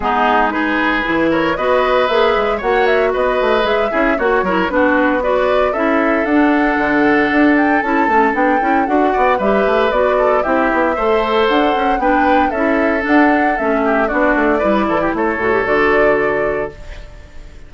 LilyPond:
<<
  \new Staff \with { instrumentName = "flute" } { \time 4/4 \tempo 4 = 115 gis'4 b'4. cis''8 dis''4 | e''4 fis''8 e''8 dis''4 e''4 | cis''4 b'4 d''4 e''4 | fis''2~ fis''8 g''8 a''4 |
g''4 fis''4 e''4 d''4 | e''2 fis''4 g''4 | e''4 fis''4 e''4 d''4~ | d''4 cis''4 d''2 | }
  \new Staff \with { instrumentName = "oboe" } { \time 4/4 dis'4 gis'4. ais'8 b'4~ | b'4 cis''4 b'4. gis'8 | fis'8 ais'8 fis'4 b'4 a'4~ | a'1~ |
a'4. d''8 b'4. a'8 | g'4 c''2 b'4 | a'2~ a'8 g'8 fis'4 | b'8 a'16 g'16 a'2. | }
  \new Staff \with { instrumentName = "clarinet" } { \time 4/4 b4 dis'4 e'4 fis'4 | gis'4 fis'2 gis'8 e'8 | fis'8 e'8 d'4 fis'4 e'4 | d'2. e'8 cis'8 |
d'8 e'8 fis'4 g'4 fis'4 | e'4 a'2 d'4 | e'4 d'4 cis'4 d'4 | e'4. fis'16 g'16 fis'2 | }
  \new Staff \with { instrumentName = "bassoon" } { \time 4/4 gis2 e4 b4 | ais8 gis8 ais4 b8 a8 gis8 cis'8 | ais8 fis8 b2 cis'4 | d'4 d4 d'4 cis'8 a8 |
b8 cis'8 d'8 b8 g8 a8 b4 | c'8 b8 a4 d'8 cis'8 b4 | cis'4 d'4 a4 b8 a8 | g8 e8 a8 a,8 d2 | }
>>